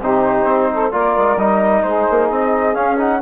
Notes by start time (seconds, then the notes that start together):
0.00 C3 D#4 G4 C5
0.44 C4
0.73 A4
0.92 A#3 F4 A#4 D5
1.17 G#3
1.37 G3 D#4 D#5
1.83 G#3 G#4 C5
2.11 A#3
2.30 C4 D#5
2.74 C#4 F5
2.98 D#4 F#5